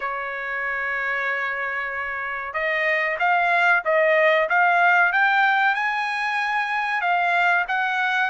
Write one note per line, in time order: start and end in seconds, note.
0.00 2.53 C#5
2.53 3.17 D#5
3.19 3.83 F5
3.84 4.48 D#5
4.49 5.12 F5
5.12 5.74 G5
5.74 7.01 G#5
7.01 7.65 F5
7.68 8.30 F#5